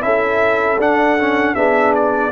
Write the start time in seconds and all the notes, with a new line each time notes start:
0.00 C#4 E4 A4 E5
0.78 D4 F#5
1.19 C#4
1.55 B3 D4 G#4 E5
1.95 D5